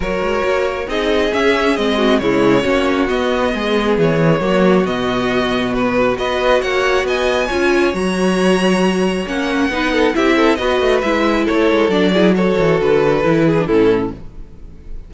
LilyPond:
<<
  \new Staff \with { instrumentName = "violin" } { \time 4/4 \tempo 4 = 136 cis''2 dis''4 e''4 | dis''4 cis''2 dis''4~ | dis''4 cis''2 dis''4~ | dis''4 b'4 dis''4 fis''4 |
gis''2 ais''2~ | ais''4 fis''2 e''4 | dis''4 e''4 cis''4 d''4 | cis''4 b'2 a'4 | }
  \new Staff \with { instrumentName = "violin" } { \time 4/4 ais'2 gis'2~ | gis'8 fis'8 e'4 fis'2 | gis'2 fis'2~ | fis'2 b'4 cis''4 |
dis''4 cis''2.~ | cis''2 b'8 a'8 g'8 a'8 | b'2 a'4. gis'8 | a'2~ a'8 gis'8 e'4 | }
  \new Staff \with { instrumentName = "viola" } { \time 4/4 fis'2 dis'4 cis'4 | c'4 gis4 cis'4 b4~ | b2 ais4 b4~ | b2 fis'2~ |
fis'4 f'4 fis'2~ | fis'4 cis'4 dis'4 e'4 | fis'4 e'2 d'8 e'8 | fis'2 e'8. d'16 cis'4 | }
  \new Staff \with { instrumentName = "cello" } { \time 4/4 fis8 gis8 ais4 c'4 cis'4 | gis4 cis4 ais4 b4 | gis4 e4 fis4 b,4~ | b,2 b4 ais4 |
b4 cis'4 fis2~ | fis4 ais4 b4 c'4 | b8 a8 gis4 a8 gis8 fis4~ | fis8 e8 d4 e4 a,4 | }
>>